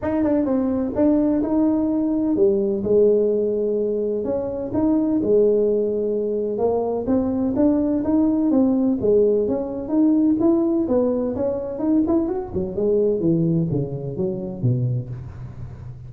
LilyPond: \new Staff \with { instrumentName = "tuba" } { \time 4/4 \tempo 4 = 127 dis'8 d'8 c'4 d'4 dis'4~ | dis'4 g4 gis2~ | gis4 cis'4 dis'4 gis4~ | gis2 ais4 c'4 |
d'4 dis'4 c'4 gis4 | cis'4 dis'4 e'4 b4 | cis'4 dis'8 e'8 fis'8 fis8 gis4 | e4 cis4 fis4 b,4 | }